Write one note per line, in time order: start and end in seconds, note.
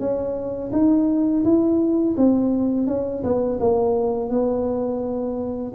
0.00 0.71 C#4
0.73 1.44 D#4
1.45 2.16 E4
2.18 2.88 C4
2.88 3.23 C#4
3.24 3.59 B3
3.60 4.30 A#3
4.30 5.73 B3